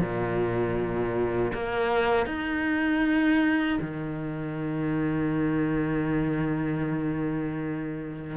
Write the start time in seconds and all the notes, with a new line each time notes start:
0.00 A#2
1.53 A#3
2.26 D#4
3.81 D#3